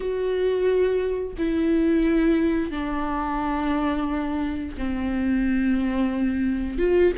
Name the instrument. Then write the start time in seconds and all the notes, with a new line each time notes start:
viola
0.00 F#4
1.38 E4
2.71 D4
4.77 C4
6.78 F4